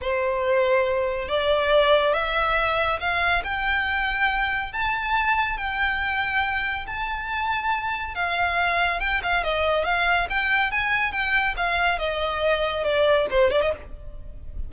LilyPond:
\new Staff \with { instrumentName = "violin" } { \time 4/4 \tempo 4 = 140 c''2. d''4~ | d''4 e''2 f''4 | g''2. a''4~ | a''4 g''2. |
a''2. f''4~ | f''4 g''8 f''8 dis''4 f''4 | g''4 gis''4 g''4 f''4 | dis''2 d''4 c''8 d''16 dis''16 | }